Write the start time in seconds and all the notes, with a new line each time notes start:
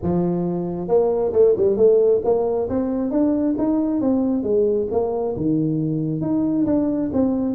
0.02 F3
0.88 A#3
1.32 A3
1.56 G3
1.76 A3
2.24 A#3
2.69 C4
3.11 D4
3.58 D#4
4.00 C4
4.43 G#3
4.91 A#3
5.36 D#3
6.21 D#4
6.65 D4
7.13 C4